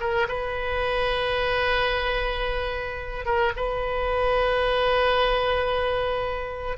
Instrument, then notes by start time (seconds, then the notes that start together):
oboe
0.00 A#4
0.28 B4
3.25 A#4
3.56 B4